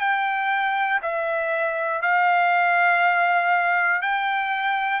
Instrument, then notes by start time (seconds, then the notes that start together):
trumpet
0.00 G5
1.02 E5
2.01 F5
4.01 G5